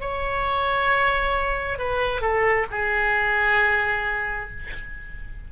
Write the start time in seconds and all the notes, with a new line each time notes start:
0.00 C#5
1.78 B4
2.21 A4
2.71 G#4